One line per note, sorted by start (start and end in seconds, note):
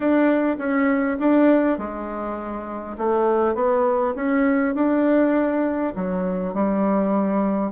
0.00 0.57 D4
0.58 1.17 C#4
1.19 1.78 D4
1.78 2.96 G#3
2.97 3.55 A3
3.55 4.14 B3
4.15 4.74 C#4
4.74 5.93 D4
5.95 6.54 F#3
6.54 7.71 G3